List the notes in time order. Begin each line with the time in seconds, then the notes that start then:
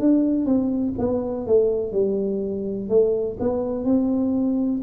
0.00 D4
0.46 C4
0.99 B3
1.47 A3
1.92 G3
2.89 A3
3.40 B3
3.84 C4